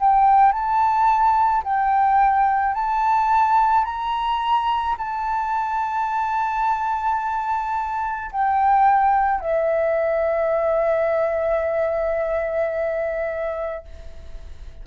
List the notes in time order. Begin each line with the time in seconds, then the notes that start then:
0.00 G5
0.53 A5
1.64 G5
2.75 A5
3.85 A#5
4.98 A5
8.32 G5
9.41 E5